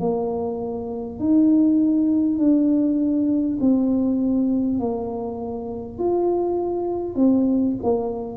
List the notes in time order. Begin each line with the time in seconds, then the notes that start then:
0.00 A#3
1.20 D#4
2.39 D4
3.61 C4
4.80 A#3
5.99 F4
7.16 C4
7.83 A#3